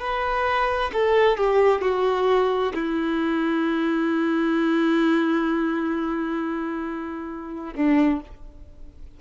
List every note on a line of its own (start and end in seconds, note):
0.00 0.91 B4
0.93 1.38 A4
1.38 1.82 G4
1.82 2.73 F#4
2.74 7.74 E4
7.75 8.21 D4